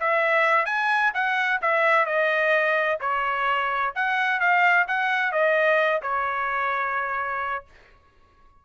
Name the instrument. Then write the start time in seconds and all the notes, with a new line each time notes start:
trumpet
0.00 E5
0.66 G#5
1.14 F#5
1.62 E5
2.06 D#5
3.01 C#5
3.96 F#5
4.40 F5
4.88 F#5
5.32 D#5
6.02 C#5